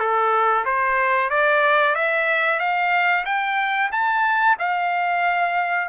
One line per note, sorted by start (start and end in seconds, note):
0.00 0.65 A4
0.66 1.30 C5
1.30 1.96 D5
1.96 2.60 E5
2.60 3.25 F5
3.26 3.91 G5
3.92 4.58 A5
4.60 5.89 F5